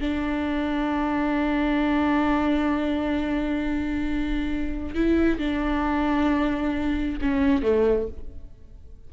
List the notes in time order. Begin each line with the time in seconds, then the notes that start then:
0.00 D4
4.95 E4
5.38 D4
7.21 C#4
7.62 A3